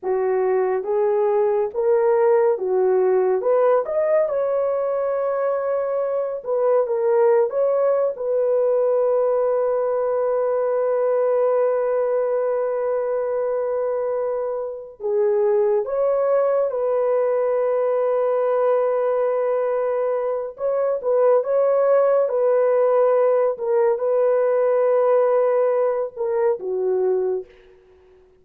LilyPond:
\new Staff \with { instrumentName = "horn" } { \time 4/4 \tempo 4 = 70 fis'4 gis'4 ais'4 fis'4 | b'8 dis''8 cis''2~ cis''8 b'8 | ais'8. cis''8. b'2~ b'8~ | b'1~ |
b'4. gis'4 cis''4 b'8~ | b'1 | cis''8 b'8 cis''4 b'4. ais'8 | b'2~ b'8 ais'8 fis'4 | }